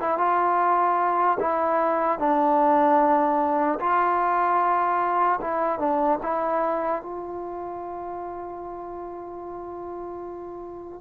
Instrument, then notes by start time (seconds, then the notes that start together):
trombone
0.00 E4
0.17 F4
1.40 E4
2.19 D4
3.80 F4
5.41 E4
5.79 D4
6.23 E4
7.02 F4